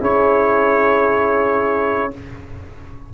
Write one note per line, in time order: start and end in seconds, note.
0.00 2.11 C#4
0.00 2.11 E4
0.00 2.11 G#4
0.00 2.14 C#5